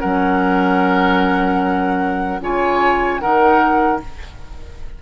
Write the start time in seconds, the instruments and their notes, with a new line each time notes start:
0.00 bassoon F#3, clarinet C#4, oboe A#4, flute F#5
2.41 bassoon C#3, clarinet F4, oboe C#5, flute G#5
3.20 bassoon D#3, clarinet D#4, oboe A#4, flute F#5